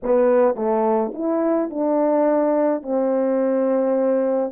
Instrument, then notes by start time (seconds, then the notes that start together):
horn
0.03 B3
0.55 A3
1.14 E4
1.70 D4
2.82 C4